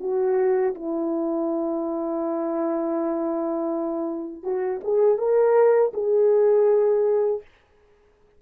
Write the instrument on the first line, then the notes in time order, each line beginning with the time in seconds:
horn
0.00 F#4
0.75 E4
4.43 F#4
4.84 G#4
5.18 A#4
5.94 G#4